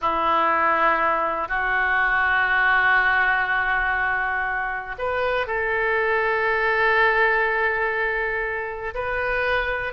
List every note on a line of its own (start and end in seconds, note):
0.01 1.48 E4
1.48 4.95 F#4
4.98 5.47 B4
5.47 8.94 A4
8.94 9.93 B4